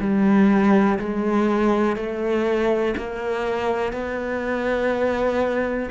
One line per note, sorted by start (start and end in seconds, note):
0.00 0.98 G3
0.99 1.96 G#3
1.96 2.94 A3
2.97 3.92 A#3
3.92 5.89 B3